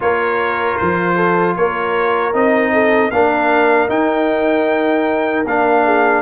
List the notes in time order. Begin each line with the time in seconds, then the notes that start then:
0.00 A#3 F4 A#4 C#5
0.77 F3 C5
1.15 A4
1.56 A#3 A#4 C#5
2.33 C4 D#4 D#5
2.72 A4
3.11 A#3 D4 A#4 F5
3.88 D#4 G5
5.45 A#3 D4 F5
5.84 G#4